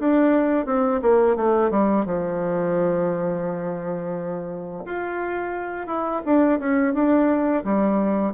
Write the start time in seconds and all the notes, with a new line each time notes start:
0.00 D4
0.67 C4
1.02 A#3
1.37 A3
1.71 G3
2.06 F3
4.86 F4
5.88 E4
6.26 D4
6.60 C#4
6.95 D4
7.65 G3